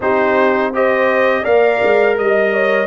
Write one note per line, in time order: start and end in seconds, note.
0.00 1.43 C4
0.00 0.73 D#4
0.00 0.73 G4
0.00 0.73 C5
0.73 1.43 G4
0.73 1.42 C5
0.73 1.44 D#5
1.42 1.80 A#3
1.42 2.86 A#4
1.42 2.14 D5
1.42 2.17 F5
1.83 2.17 G#3
2.17 2.86 G3
2.17 2.86 D#5
2.17 2.53 D#5
2.53 2.86 C#5